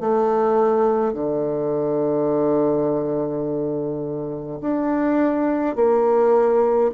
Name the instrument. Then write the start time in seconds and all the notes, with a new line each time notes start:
bassoon
0.00 A3
1.13 D3
4.60 D4
5.75 A#3